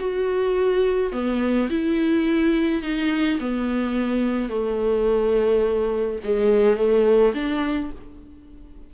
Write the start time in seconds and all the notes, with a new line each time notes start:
0.00 F#4
1.13 B3
1.70 E4
2.83 D#4
3.40 B3
4.50 A3
6.24 G#3
6.77 A3
7.35 D4